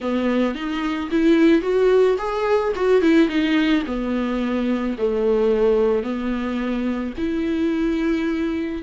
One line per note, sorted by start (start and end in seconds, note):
0.01 0.54 B3
0.54 1.09 D#4
1.10 1.61 E4
1.61 2.16 F#4
2.17 2.72 G#4
2.75 3.01 F#4
3.01 3.28 E4
3.28 3.83 D#4
3.86 4.96 B3
4.97 6.03 A3
6.03 7.13 B3
7.17 8.82 E4